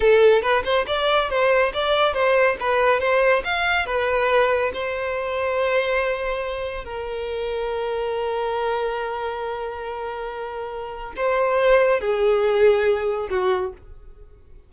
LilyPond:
\new Staff \with { instrumentName = "violin" } { \time 4/4 \tempo 4 = 140 a'4 b'8 c''8 d''4 c''4 | d''4 c''4 b'4 c''4 | f''4 b'2 c''4~ | c''1 |
ais'1~ | ais'1~ | ais'2 c''2 | gis'2. fis'4 | }